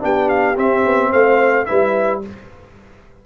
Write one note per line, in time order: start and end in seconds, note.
0.00 0.57 B3
0.00 0.55 D4
0.00 1.11 G4
0.00 0.29 G5
0.29 0.57 F5
0.57 0.85 C4
0.57 1.67 C4
0.57 1.13 E5
0.85 1.12 B3
1.11 1.68 A3
1.11 1.66 C5
1.11 1.66 F5
1.66 2.26 G3
1.66 2.22 E4
1.66 2.24 B4
1.66 2.21 E5